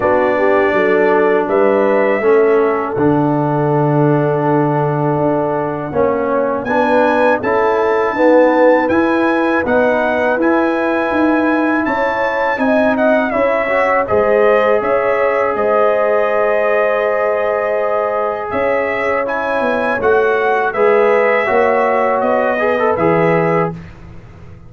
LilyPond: <<
  \new Staff \with { instrumentName = "trumpet" } { \time 4/4 \tempo 4 = 81 d''2 e''2 | fis''1~ | fis''4 gis''4 a''2 | gis''4 fis''4 gis''2 |
a''4 gis''8 fis''8 e''4 dis''4 | e''4 dis''2.~ | dis''4 e''4 gis''4 fis''4 | e''2 dis''4 e''4 | }
  \new Staff \with { instrumentName = "horn" } { \time 4/4 fis'8 g'8 a'4 b'4 a'4~ | a'1 | cis''4 b'4 a'4 b'4~ | b'1 |
cis''4 dis''4 cis''4 c''4 | cis''4 c''2.~ | c''4 cis''2. | b'4 cis''4. b'4. | }
  \new Staff \with { instrumentName = "trombone" } { \time 4/4 d'2. cis'4 | d'1 | cis'4 d'4 e'4 b4 | e'4 dis'4 e'2~ |
e'4 dis'4 e'8 fis'8 gis'4~ | gis'1~ | gis'2 e'4 fis'4 | gis'4 fis'4. gis'16 a'16 gis'4 | }
  \new Staff \with { instrumentName = "tuba" } { \time 4/4 b4 fis4 g4 a4 | d2. d'4 | ais4 b4 cis'4 dis'4 | e'4 b4 e'4 dis'4 |
cis'4 c'4 cis'4 gis4 | cis'4 gis2.~ | gis4 cis'4. b8 a4 | gis4 ais4 b4 e4 | }
>>